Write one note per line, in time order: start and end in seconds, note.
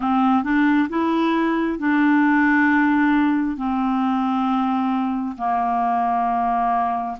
0.00 0.43 C4
0.43 0.88 D4
0.89 1.79 E4
1.79 3.57 D4
3.57 5.36 C4
5.37 7.16 A#3